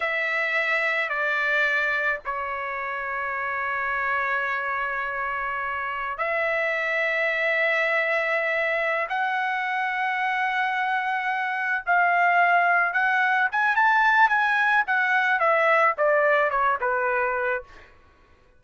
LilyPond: \new Staff \with { instrumentName = "trumpet" } { \time 4/4 \tempo 4 = 109 e''2 d''2 | cis''1~ | cis''2.~ cis''16 e''8.~ | e''1~ |
e''8 fis''2.~ fis''8~ | fis''4. f''2 fis''8~ | fis''8 gis''8 a''4 gis''4 fis''4 | e''4 d''4 cis''8 b'4. | }